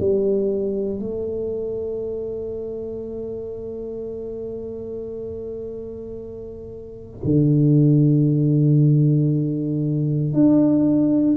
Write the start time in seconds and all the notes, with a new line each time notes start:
0.00 G3
1.00 A3
7.25 D3
10.34 D4